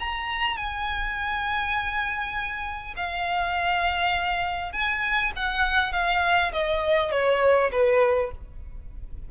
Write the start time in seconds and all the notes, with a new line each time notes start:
0.00 A#5
0.57 G#5
2.97 F5
4.73 G#5
5.37 F#5
5.93 F5
6.53 D#5
7.12 C#5
7.72 B4